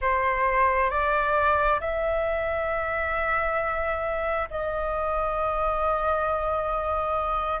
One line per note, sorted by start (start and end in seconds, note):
0.01 0.90 C5
0.90 1.80 D5
1.80 4.49 E5
4.50 7.60 D#5